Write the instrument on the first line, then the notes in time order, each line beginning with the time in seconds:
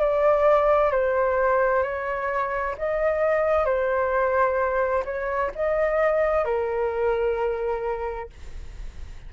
flute
0.00 D5
0.91 C5
1.83 C#5
2.78 D#5
3.65 C5
5.05 C#5
5.55 D#5
6.45 A#4